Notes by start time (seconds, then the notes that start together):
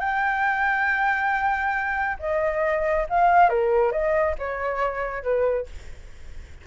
0.00 G5
2.20 D#5
3.09 F5
3.50 A#4
3.92 D#5
4.39 C#5
5.23 B4